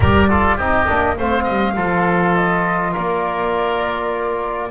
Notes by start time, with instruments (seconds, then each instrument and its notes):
0.00 double bass G3, trombone G4, oboe A#4, flute D5
0.29 trombone F4, oboe A4
0.56 double bass C4, trombone D#4, oboe G4, flute D#5
0.87 double bass A#3, trombone D4
1.17 double bass A3, trombone C4, oboe C5, flute F5
1.43 double bass G3, oboe D#5
1.75 double bass F3, trombone F4, oboe A4
2.34 flute D#5
2.92 double bass A#3, oboe A#4, flute D5